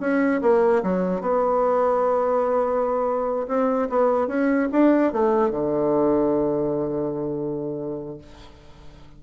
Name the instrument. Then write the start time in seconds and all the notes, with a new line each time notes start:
bassoon
0.00 C#4
0.41 A#3
0.83 F#3
1.21 B3
3.48 C4
3.89 B3
4.27 C#4
4.72 D4
5.13 A3
5.51 D3